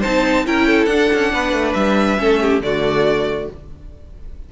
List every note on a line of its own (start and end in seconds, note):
0.00 0.47 C4
0.00 0.46 D#4
0.00 0.43 C5
0.00 0.46 A5
0.46 0.87 C#4
0.46 0.89 E4
0.46 0.67 A#4
0.46 0.86 G5
0.67 1.32 A4
0.86 1.08 D4
0.86 1.72 F#5
0.92 2.18 D4
1.14 1.34 C#4
1.34 1.53 B3
1.34 2.20 B4
1.53 1.74 A3
1.74 2.19 G3
1.74 2.61 E5
2.18 2.61 A3
2.18 2.62 C#4
2.18 2.41 A4
2.41 2.63 G4
2.61 3.48 D3
2.61 3.49 A3
2.61 3.52 F#4
2.61 3.50 D5